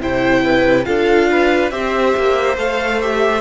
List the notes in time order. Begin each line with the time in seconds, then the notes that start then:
0.00 C3 E4 C5 G5
0.43 B4
0.84 D4 F4 A4 F5
1.31 B4
1.70 C4 G4 C5 E5
2.16 A#3
2.56 A3 A4 F5
3.01 G4 E5